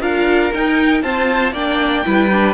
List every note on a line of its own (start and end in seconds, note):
0.00 0.51 D4
0.00 0.51 F4
0.00 1.02 A#4
0.00 0.52 F5
0.53 1.02 D#4
0.53 1.02 G5
1.02 1.53 C4
1.02 1.52 F4
1.02 1.53 C5
1.02 1.53 A5
1.52 2.02 A#3
1.52 2.04 D4
1.52 2.03 D5
1.52 2.54 G5
2.04 2.54 G3
2.04 2.29 E4
2.04 2.54 B4
2.31 2.54 D4